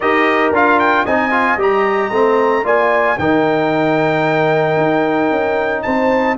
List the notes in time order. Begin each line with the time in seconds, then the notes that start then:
0.00 D#4 G4 A#4 D#5
0.51 D4 F4 F5
0.79 G5
1.04 C4 D#4 D#5 G#5
1.31 F4
1.56 G3 G4 A#5
2.11 A3 C4
2.63 A#3 F4 D5 G#5
3.18 D#3 D#4 A#4 G5
4.76 D#4
5.30 C#4
5.82 C4 C5 A5